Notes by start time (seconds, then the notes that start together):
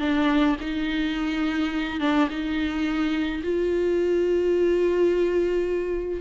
0.00 D4
0.61 D#4
2.00 D4
2.30 D#4
3.43 F4